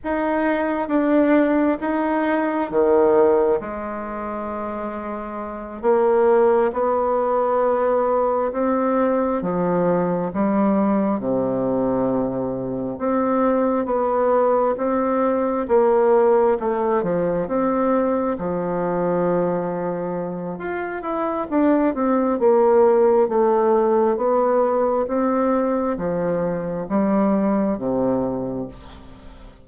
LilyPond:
\new Staff \with { instrumentName = "bassoon" } { \time 4/4 \tempo 4 = 67 dis'4 d'4 dis'4 dis4 | gis2~ gis8 ais4 b8~ | b4. c'4 f4 g8~ | g8 c2 c'4 b8~ |
b8 c'4 ais4 a8 f8 c'8~ | c'8 f2~ f8 f'8 e'8 | d'8 c'8 ais4 a4 b4 | c'4 f4 g4 c4 | }